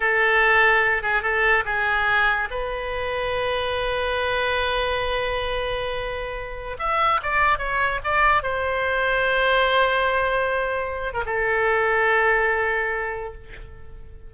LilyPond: \new Staff \with { instrumentName = "oboe" } { \time 4/4 \tempo 4 = 144 a'2~ a'8 gis'8 a'4 | gis'2 b'2~ | b'1~ | b'1~ |
b'16 e''4 d''4 cis''4 d''8.~ | d''16 c''2.~ c''8.~ | c''2~ c''8. ais'16 a'4~ | a'1 | }